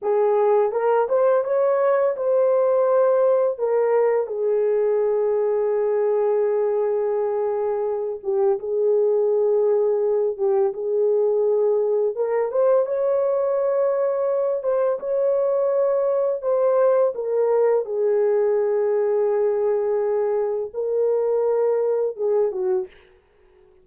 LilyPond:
\new Staff \with { instrumentName = "horn" } { \time 4/4 \tempo 4 = 84 gis'4 ais'8 c''8 cis''4 c''4~ | c''4 ais'4 gis'2~ | gis'2.~ gis'8 g'8 | gis'2~ gis'8 g'8 gis'4~ |
gis'4 ais'8 c''8 cis''2~ | cis''8 c''8 cis''2 c''4 | ais'4 gis'2.~ | gis'4 ais'2 gis'8 fis'8 | }